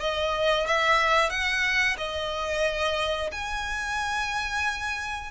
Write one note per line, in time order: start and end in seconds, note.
0.00 0.67 D#5
0.67 1.30 E5
1.30 1.97 F#5
1.98 3.31 D#5
3.32 5.32 G#5